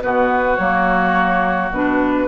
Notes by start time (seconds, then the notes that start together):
0.00 B2 B3 F#4 B4
0.56 F#3 A#3 C#5
1.70 B2 D4 B4